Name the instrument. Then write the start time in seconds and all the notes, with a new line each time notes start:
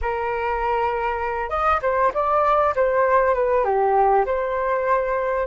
flute
0.01 A#4
1.49 D#5
1.82 C5
2.13 D5
2.75 C5
3.34 B4
3.64 G4
4.25 C5